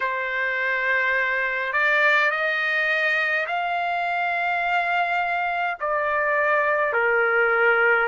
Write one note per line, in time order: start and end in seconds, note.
0.00 1.73 C5
1.73 2.30 D5
2.31 3.46 D#5
3.46 5.77 F5
5.80 6.92 D5
6.92 8.08 A#4